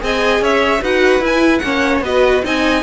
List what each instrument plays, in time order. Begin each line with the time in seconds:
0.00 cello C4, viola G#4, violin D#5 G#5
0.40 cello C#4, violin C#5 E5
0.82 cello D#4, viola F#4, violin B4 F#5
1.20 cello E4, viola E4, violin G#5
1.59 cello A#3, viola C#4, violin C#5 F#5
2.01 cello B3, viola F#4, violin B4 D#5
2.43 cello C4, viola D#4, violin D#5 G#5